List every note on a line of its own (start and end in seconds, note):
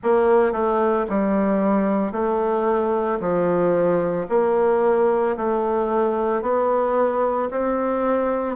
0.03 0.52 A#3
0.52 1.06 A3
1.09 2.12 G3
2.12 3.19 A3
3.19 4.27 F3
4.29 5.36 A#3
5.36 6.42 A3
6.42 7.49 B3
7.50 8.55 C4